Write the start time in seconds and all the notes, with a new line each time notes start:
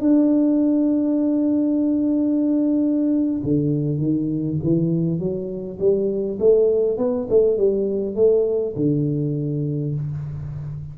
0.00 D4
3.43 D3
3.98 D#3
4.63 E3
5.19 F#3
5.79 G3
6.39 A3
6.97 B3
7.30 A3
7.57 G3
8.15 A3
8.76 D3